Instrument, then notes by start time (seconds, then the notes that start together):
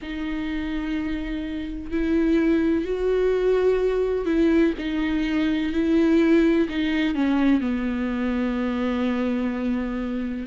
viola
0.02 D#4
1.90 E4
2.84 F#4
4.26 E4
4.78 D#4
5.72 E4
6.68 D#4
7.14 C#4
7.61 B3